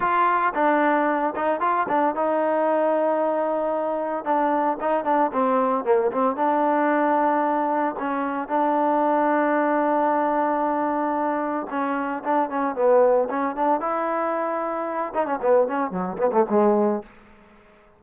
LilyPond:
\new Staff \with { instrumentName = "trombone" } { \time 4/4 \tempo 4 = 113 f'4 d'4. dis'8 f'8 d'8 | dis'1 | d'4 dis'8 d'8 c'4 ais8 c'8 | d'2. cis'4 |
d'1~ | d'2 cis'4 d'8 cis'8 | b4 cis'8 d'8 e'2~ | e'8 dis'16 cis'16 b8 cis'8 fis8 b16 a16 gis4 | }